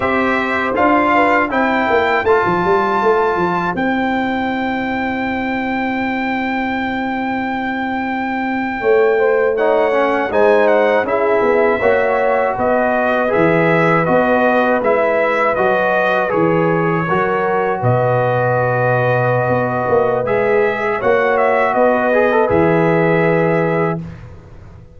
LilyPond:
<<
  \new Staff \with { instrumentName = "trumpet" } { \time 4/4 \tempo 4 = 80 e''4 f''4 g''4 a''4~ | a''4 g''2.~ | g''1~ | g''8. fis''4 gis''8 fis''8 e''4~ e''16~ |
e''8. dis''4 e''4 dis''4 e''16~ | e''8. dis''4 cis''2 dis''16~ | dis''2. e''4 | fis''8 e''8 dis''4 e''2 | }
  \new Staff \with { instrumentName = "horn" } { \time 4/4 c''4. b'8 c''2~ | c''1~ | c''2.~ c''8. cis''16~ | cis''16 c''8 cis''4 c''4 gis'4 cis''16~ |
cis''8. b'2.~ b'16~ | b'2~ b'8. ais'4 b'16~ | b'1 | cis''4 b'2. | }
  \new Staff \with { instrumentName = "trombone" } { \time 4/4 g'4 f'4 e'4 f'4~ | f'4 e'2.~ | e'1~ | e'8. dis'8 cis'8 dis'4 e'4 fis'16~ |
fis'4.~ fis'16 gis'4 fis'4 e'16~ | e'8. fis'4 gis'4 fis'4~ fis'16~ | fis'2. gis'4 | fis'4. gis'16 a'16 gis'2 | }
  \new Staff \with { instrumentName = "tuba" } { \time 4/4 c'4 d'4 c'8 ais8 a16 f16 g8 | a8 f8 c'2.~ | c'2.~ c'8. a16~ | a4.~ a16 gis4 cis'8 b8 ais16~ |
ais8. b4 e4 b4 gis16~ | gis8. fis4 e4 fis4 b,16~ | b,2 b8 ais8 gis4 | ais4 b4 e2 | }
>>